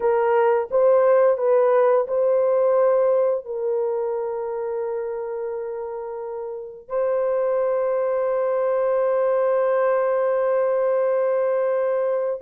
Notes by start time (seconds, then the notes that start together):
0.00 A#4
0.71 C5
1.37 B4
2.07 C5
3.45 A#4
6.88 C5